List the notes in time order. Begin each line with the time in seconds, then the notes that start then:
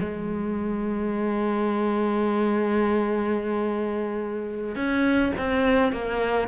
0.00 G#3
4.75 C#4
5.38 C4
5.92 A#3